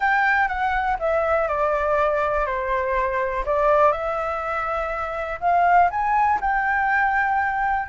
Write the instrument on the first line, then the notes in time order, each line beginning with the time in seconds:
flute
0.00 G5
0.48 F#5
0.99 E5
1.48 D5
2.46 C5
3.45 D5
3.92 E5
5.40 F5
5.90 G#5
6.40 G5